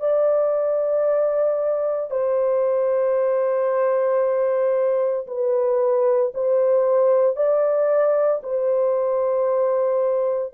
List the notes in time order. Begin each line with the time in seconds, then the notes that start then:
0.00 D5
2.11 C5
5.27 B4
6.34 C5
7.36 D5
8.43 C5